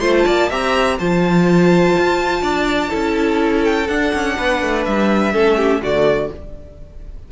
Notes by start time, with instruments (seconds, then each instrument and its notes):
0.00 cello A3, viola F4, violin C5 C6
0.18 violin A5
0.25 cello A#3, violin D5
0.49 cello C4, viola G4, violin E5 A#5
0.98 cello F3, viola F4, violin C5 A5
1.98 cello F4
2.42 cello D4, violin D5
2.89 cello C#4, viola E4, violin A4
3.64 violin G5
3.88 cello D4, viola D4, violin F#5
4.14 cello C#4
4.37 cello B3, violin B4
4.62 cello A3
4.85 cello G3, violin E5
5.33 cello A3, viola C#4, violin A4
5.57 violin G4
5.82 cello D3, viola A3, violin F#4 D5